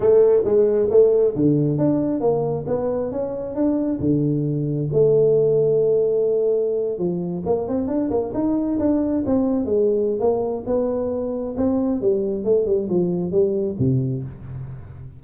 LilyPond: \new Staff \with { instrumentName = "tuba" } { \time 4/4 \tempo 4 = 135 a4 gis4 a4 d4 | d'4 ais4 b4 cis'4 | d'4 d2 a4~ | a2.~ a8. f16~ |
f8. ais8 c'8 d'8 ais8 dis'4 d'16~ | d'8. c'4 gis4~ gis16 ais4 | b2 c'4 g4 | a8 g8 f4 g4 c4 | }